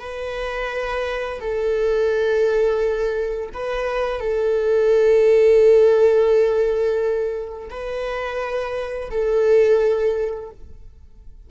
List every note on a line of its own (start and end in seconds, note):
0.00 1.40 B4
1.40 3.49 A4
3.53 4.20 B4
4.20 7.69 A4
7.70 9.09 B4
9.10 10.50 A4